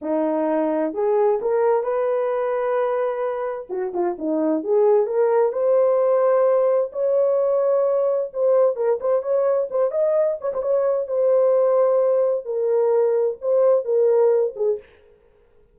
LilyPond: \new Staff \with { instrumentName = "horn" } { \time 4/4 \tempo 4 = 130 dis'2 gis'4 ais'4 | b'1 | fis'8 f'8 dis'4 gis'4 ais'4 | c''2. cis''4~ |
cis''2 c''4 ais'8 c''8 | cis''4 c''8 dis''4 cis''16 c''16 cis''4 | c''2. ais'4~ | ais'4 c''4 ais'4. gis'8 | }